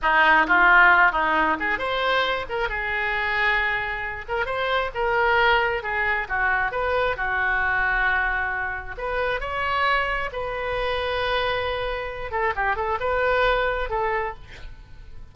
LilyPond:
\new Staff \with { instrumentName = "oboe" } { \time 4/4 \tempo 4 = 134 dis'4 f'4. dis'4 gis'8 | c''4. ais'8 gis'2~ | gis'4. ais'8 c''4 ais'4~ | ais'4 gis'4 fis'4 b'4 |
fis'1 | b'4 cis''2 b'4~ | b'2.~ b'8 a'8 | g'8 a'8 b'2 a'4 | }